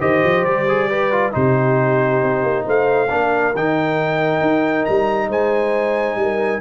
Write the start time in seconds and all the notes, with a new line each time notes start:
0.00 D#3 G4 C5 D#5
0.24 F3
0.44 G3 D5
0.68 G#4
0.89 G4 B4
1.11 F4
1.32 C3 D#4 G4 C5
2.23 C4
2.43 A#3
2.65 A3 C5 F5
3.09 A#3 D4 A#4
3.54 D#3 D#4 G5
4.41 D#4
4.85 G3 A#5
5.28 G#3 C5 G#5
6.15 G3
6.22 A#4